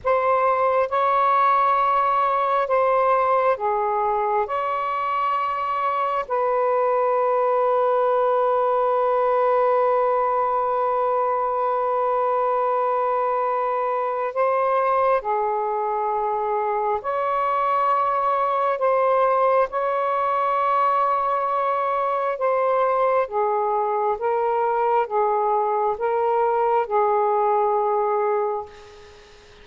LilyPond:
\new Staff \with { instrumentName = "saxophone" } { \time 4/4 \tempo 4 = 67 c''4 cis''2 c''4 | gis'4 cis''2 b'4~ | b'1~ | b'1 |
c''4 gis'2 cis''4~ | cis''4 c''4 cis''2~ | cis''4 c''4 gis'4 ais'4 | gis'4 ais'4 gis'2 | }